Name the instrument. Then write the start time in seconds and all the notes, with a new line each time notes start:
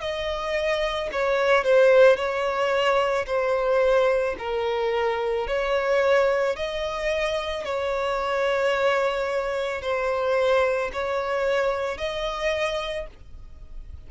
violin
0.00 D#5
1.12 C#5
1.64 C5
2.16 C#5
3.26 C5
4.38 A#4
5.47 C#5
6.56 D#5
7.65 C#5
9.81 C5
10.92 C#5
11.98 D#5